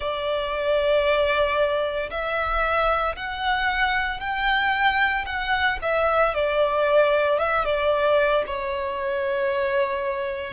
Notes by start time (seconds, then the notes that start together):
0.00 D5
2.10 E5
3.16 F#5
4.20 G5
5.25 F#5
5.82 E5
6.34 D5
7.38 E5
7.65 D5
8.46 C#5